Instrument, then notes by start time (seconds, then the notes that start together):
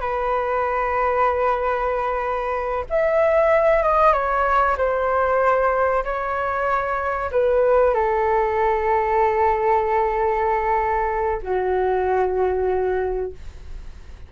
flute
0.00 B4
2.89 E5
3.83 D#5
4.13 C#5
4.77 C5
6.04 C#5
7.31 B4
7.93 A4
11.42 F#4